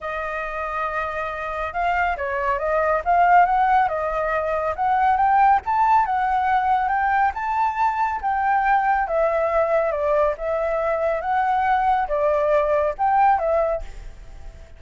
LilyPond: \new Staff \with { instrumentName = "flute" } { \time 4/4 \tempo 4 = 139 dis''1 | f''4 cis''4 dis''4 f''4 | fis''4 dis''2 fis''4 | g''4 a''4 fis''2 |
g''4 a''2 g''4~ | g''4 e''2 d''4 | e''2 fis''2 | d''2 g''4 e''4 | }